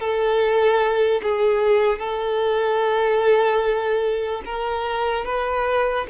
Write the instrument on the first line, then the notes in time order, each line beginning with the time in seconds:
violin
0.00 A4
1.23 G#4
1.99 A4
4.46 A#4
5.26 B4